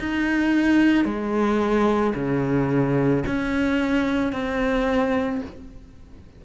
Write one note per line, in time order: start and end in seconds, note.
0.00 1.05 D#4
1.05 2.14 G#3
2.15 3.24 C#3
3.27 4.32 C#4
4.32 5.41 C4